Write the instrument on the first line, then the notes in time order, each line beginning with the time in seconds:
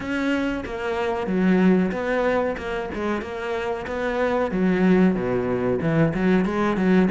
cello
0.00 C#4
0.65 A#3
1.26 F#3
1.91 B3
2.57 A#3
2.94 G#3
3.21 A#3
3.87 B3
4.51 F#3
5.15 B2
5.81 E3
6.14 F#3
6.45 G#3
6.76 F#3